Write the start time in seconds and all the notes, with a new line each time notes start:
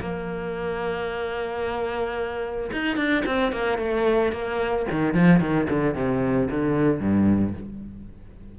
0.00 A#3
2.72 D#4
2.96 D4
3.26 C4
3.52 A#3
3.78 A3
4.32 A#3
4.91 D#3
5.14 F3
5.40 D#3
5.69 D3
5.94 C3
6.50 D3
7.00 G2